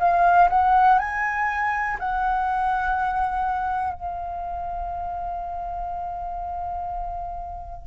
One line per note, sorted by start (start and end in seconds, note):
0.00 0.49 F5
0.50 0.99 F#5
0.99 1.98 G#5
1.99 3.94 F#5
3.94 7.87 F5